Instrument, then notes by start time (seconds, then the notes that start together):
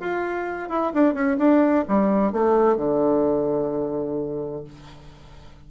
bassoon
0.00 F4
0.69 E4
0.94 D4
1.14 C#4
1.38 D4
1.88 G3
2.32 A3
2.77 D3